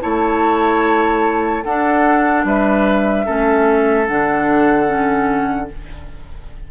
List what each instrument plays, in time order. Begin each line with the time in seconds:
0.00 bassoon A3, clarinet E4, oboe C#5, flute A5
1.63 bassoon D4, clarinet D4, oboe A4, flute F#5
2.44 bassoon G3, oboe B4, flute E5
3.25 bassoon A3, clarinet C#4, oboe A4
4.06 bassoon D3, clarinet D4, flute F#5
4.86 clarinet C#4